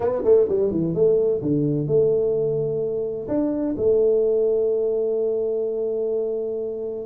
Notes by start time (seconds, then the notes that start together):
0.00 B3
0.24 A3
0.49 G3
0.71 E3
0.94 A3
1.41 D3
1.87 A3
3.28 D4
3.77 A3